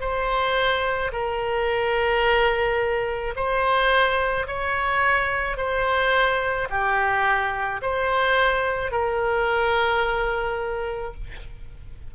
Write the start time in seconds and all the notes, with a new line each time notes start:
0.00 C5
1.12 A#4
3.35 C5
4.46 C#5
5.57 C5
6.70 G4
7.81 C5
8.91 A#4